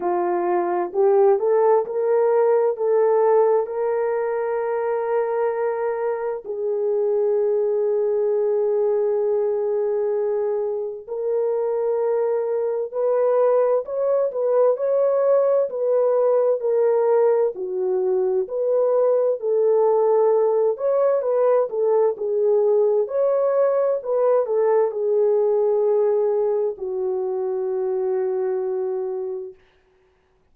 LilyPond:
\new Staff \with { instrumentName = "horn" } { \time 4/4 \tempo 4 = 65 f'4 g'8 a'8 ais'4 a'4 | ais'2. gis'4~ | gis'1 | ais'2 b'4 cis''8 b'8 |
cis''4 b'4 ais'4 fis'4 | b'4 a'4. cis''8 b'8 a'8 | gis'4 cis''4 b'8 a'8 gis'4~ | gis'4 fis'2. | }